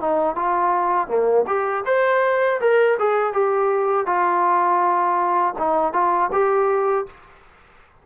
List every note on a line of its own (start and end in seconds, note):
0.00 0.35 D#4
0.35 1.07 F4
1.07 1.44 A#3
1.46 1.84 G4
1.85 2.59 C5
2.60 2.97 A#4
2.99 3.33 G#4
3.33 4.06 G4
4.06 5.54 F4
5.58 5.93 D#4
5.93 6.30 F4
6.32 7.06 G4